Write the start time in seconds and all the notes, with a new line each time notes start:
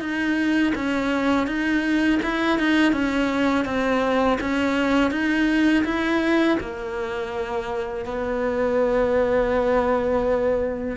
0.00 D#4
0.75 C#4
1.47 D#4
2.22 E4
2.59 D#4
2.93 C#4
3.65 C4
4.40 C#4
5.11 D#4
5.85 E4
6.60 A#3
8.06 B3